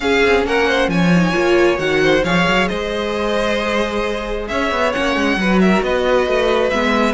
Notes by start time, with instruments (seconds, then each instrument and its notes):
0.00 viola C#4, cello C#4, violin G#4 F5
0.24 cello C4
0.45 cello A#3, violin A#4 F#5
0.67 violin C5
0.87 cello F3, violin C#5 G#5
1.15 viola D#4
1.32 cello A#3, viola F4
1.77 cello D#3, viola F#4, violin F#5
2.03 violin C5
2.24 cello F3, viola G#4, violin C#5 F5
2.47 cello F#3
2.68 cello G#3, violin C5 D#5
4.48 cello C#4, violin C#5 E5
4.71 cello B3
4.92 cello A#3, viola C#4, violin F#5
5.15 cello G#3
5.36 cello F#3, viola F#4, violin B4
5.60 violin A#4 E5
5.82 cello B3, violin B4 D#5
6.26 cello A3
6.70 cello G#3, viola B3, violin E5